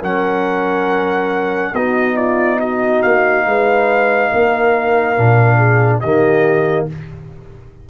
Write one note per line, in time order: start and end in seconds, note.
0.00 1.73 F#3
0.00 1.74 C#4
0.00 1.71 A#4
0.00 1.74 F#5
1.73 3.02 B3
1.73 5.16 D#4
1.73 2.16 F#4
1.73 2.16 D#5
2.16 2.58 F4
2.16 2.59 D5
2.59 3.45 F#4
2.59 3.02 D#5
3.02 3.45 A#3
3.02 6.00 F5
3.45 4.31 G#3
3.45 4.31 B4
4.31 5.17 A#3
4.31 5.56 A#4
5.16 6.03 A#2
5.16 6.02 D4
5.56 5.99 G#4
6.00 6.89 D#3
6.00 6.89 A#3
6.00 6.87 G4
6.00 6.86 D#5